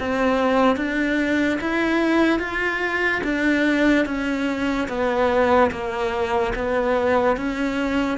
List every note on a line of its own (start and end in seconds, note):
0.00 0.77 C4
0.77 1.59 D4
1.61 2.40 E4
2.40 3.22 F4
3.24 4.06 D4
4.06 4.88 C#4
4.89 5.71 B3
5.71 6.53 A#3
6.56 7.37 B3
7.37 8.18 C#4